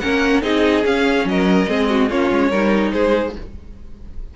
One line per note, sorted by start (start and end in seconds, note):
0.00 0.42 A#3
0.00 0.42 C#4
0.00 0.43 A#4
0.00 0.42 F#5
0.42 0.84 C4
0.42 0.83 D#4
0.42 1.26 G#4
0.42 0.84 D#5
0.83 1.66 C#4
0.83 1.25 C#4
0.83 1.28 F5
1.25 1.66 F#3
1.25 1.69 A#4
1.25 2.10 D#5
1.68 2.10 G#3
1.68 2.10 C4
1.68 1.89 G#4
1.89 2.09 F#4
2.09 2.31 A#3
2.09 2.51 C#4
2.09 2.50 F4
2.09 2.92 C#5
2.31 2.51 G#3
2.50 2.93 G3
2.50 3.36 D#4
2.50 2.92 A#4
2.92 3.36 G#3
2.92 3.35 G#4
2.92 3.34 C5